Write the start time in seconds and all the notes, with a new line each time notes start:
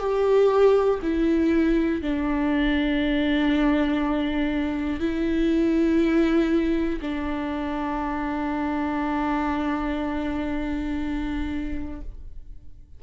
0.00 G4
1.02 E4
2.02 D4
5.00 E4
7.01 D4